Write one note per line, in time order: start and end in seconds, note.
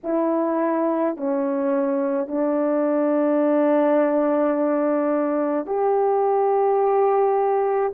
0.03 1.16 E4
1.16 2.27 C#4
2.27 5.66 D4
5.66 7.92 G4